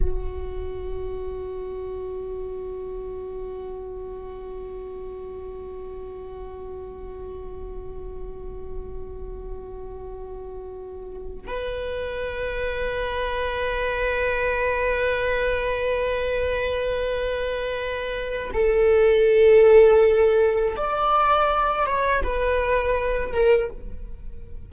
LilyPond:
\new Staff \with { instrumentName = "viola" } { \time 4/4 \tempo 4 = 81 fis'1~ | fis'1~ | fis'1~ | fis'2.~ fis'8 b'8~ |
b'1~ | b'1~ | b'4 a'2. | d''4. cis''8 b'4. ais'8 | }